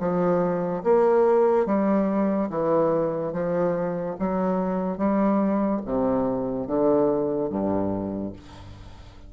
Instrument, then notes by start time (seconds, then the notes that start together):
bassoon
0.00 F3
0.84 A#3
1.66 G3
2.50 E3
3.33 F3
4.19 F#3
4.98 G3
5.85 C3
6.67 D3
7.50 G2